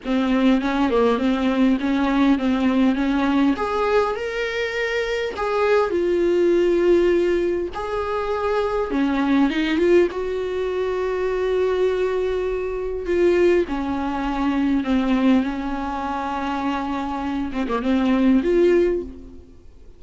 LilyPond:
\new Staff \with { instrumentName = "viola" } { \time 4/4 \tempo 4 = 101 c'4 cis'8 ais8 c'4 cis'4 | c'4 cis'4 gis'4 ais'4~ | ais'4 gis'4 f'2~ | f'4 gis'2 cis'4 |
dis'8 f'8 fis'2.~ | fis'2 f'4 cis'4~ | cis'4 c'4 cis'2~ | cis'4. c'16 ais16 c'4 f'4 | }